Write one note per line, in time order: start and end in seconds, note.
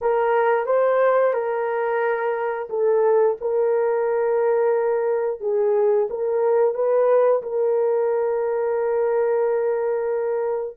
0.01 0.66 A#4
0.66 1.33 C5
1.33 2.68 A#4
2.69 3.36 A4
3.40 5.40 A#4
5.40 6.08 G#4
6.09 6.74 A#4
6.74 7.42 B4
7.42 10.77 A#4